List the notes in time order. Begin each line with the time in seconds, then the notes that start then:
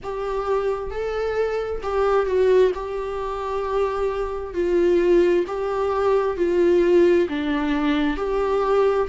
0.03 G4
0.90 A4
1.83 G4
2.26 F#4
2.74 G4
4.53 F4
5.47 G4
6.36 F4
7.28 D4
8.16 G4